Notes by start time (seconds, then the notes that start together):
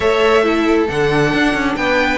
0.00 A3 A4 C#5 E5
0.43 E4 A4
0.89 D3 D4 F#5
1.33 D4
1.53 C#4
1.76 B3 B4 G5